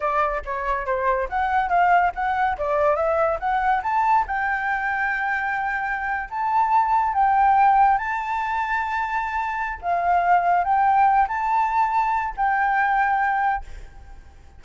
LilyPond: \new Staff \with { instrumentName = "flute" } { \time 4/4 \tempo 4 = 141 d''4 cis''4 c''4 fis''4 | f''4 fis''4 d''4 e''4 | fis''4 a''4 g''2~ | g''2~ g''8. a''4~ a''16~ |
a''8. g''2 a''4~ a''16~ | a''2. f''4~ | f''4 g''4. a''4.~ | a''4 g''2. | }